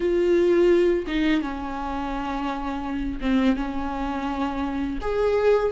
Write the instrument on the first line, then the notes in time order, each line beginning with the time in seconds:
viola
0.00 F4
1.07 D#4
1.41 C#4
3.20 C4
3.56 C#4
5.01 G#4